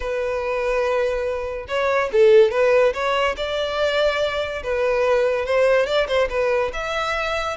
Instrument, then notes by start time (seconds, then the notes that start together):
violin
0.00 B4
1.68 C#5
2.12 A4
2.51 B4
2.93 C#5
3.37 D5
4.63 B4
5.45 C5
5.86 D5
6.07 C5
6.29 B4
6.73 E5